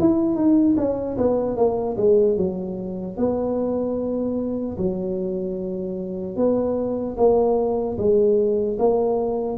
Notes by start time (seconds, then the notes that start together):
0.00 E4
0.36 D#4
0.77 C#4
1.18 B3
1.57 A#3
1.97 G#3
2.37 F#3
3.17 B3
4.78 F#3
6.36 B3
7.17 A#3
7.98 G#3
8.79 A#3